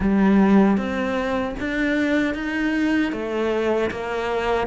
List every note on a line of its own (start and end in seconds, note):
0.00 0.77 G3
0.77 1.55 C4
1.59 2.34 D4
2.34 3.12 D#4
3.12 3.90 A3
3.90 4.67 A#3